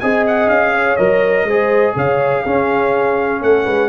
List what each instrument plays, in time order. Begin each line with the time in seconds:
0.00 tuba C4, trombone G#4, horn D#5, trumpet G#5
0.27 trumpet F#5
0.47 tuba C#4, trumpet F5
0.73 horn C#5
0.96 tuba F#3, trombone A#4, trumpet D#5
1.44 tuba G#3, trombone G#4, horn C5
1.96 tuba C#3, horn C#5, trumpet F5
2.43 tuba C#4, trombone C#4, horn G#4
3.42 tuba A3, horn A4, trumpet F#5
3.65 tuba G#3, horn B4